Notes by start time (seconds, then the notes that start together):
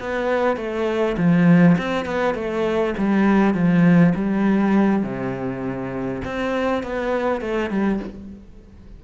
0.00 B3
0.57 A3
1.17 F3
1.78 C4
2.05 B3
2.35 A3
2.98 G3
3.54 F3
4.15 G3
5.03 C3
6.25 C4
6.83 B3
7.41 A3
7.70 G3